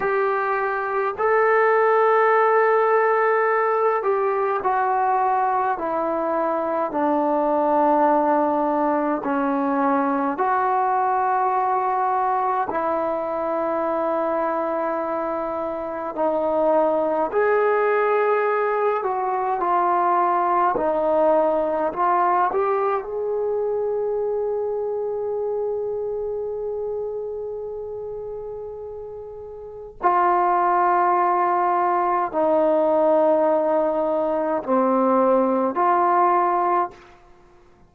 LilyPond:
\new Staff \with { instrumentName = "trombone" } { \time 4/4 \tempo 4 = 52 g'4 a'2~ a'8 g'8 | fis'4 e'4 d'2 | cis'4 fis'2 e'4~ | e'2 dis'4 gis'4~ |
gis'8 fis'8 f'4 dis'4 f'8 g'8 | gis'1~ | gis'2 f'2 | dis'2 c'4 f'4 | }